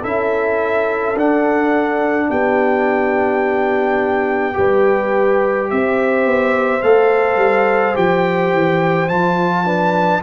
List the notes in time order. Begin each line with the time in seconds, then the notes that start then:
0.00 C#4 E4 A4 E5
1.15 D4 F#5
2.29 B3 G4 G5
4.53 G3 G4 B4
5.70 C4 C5 E5
6.25 B3
6.82 A3 A4 F5
7.36 G3
7.95 F3 G4 G5
8.53 E3
9.08 F3 F4 A5
9.65 D4 B4